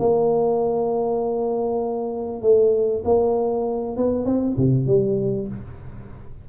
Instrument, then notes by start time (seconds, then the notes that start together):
tuba
0.00 A#3
2.42 A3
3.05 A#3
3.97 B3
4.26 C4
4.58 C3
4.87 G3